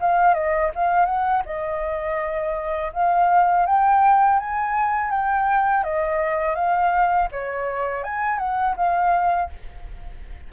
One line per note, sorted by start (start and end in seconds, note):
0.00 0.34 F5
0.34 0.71 D#5
0.75 1.05 F5
1.05 1.42 F#5
1.45 2.92 D#5
2.93 3.66 F5
3.66 4.39 G5
4.39 5.11 G#5
5.11 5.83 G5
5.83 6.55 D#5
6.55 7.28 F5
7.31 8.03 C#5
8.03 8.38 G#5
8.38 8.75 F#5
8.76 9.49 F5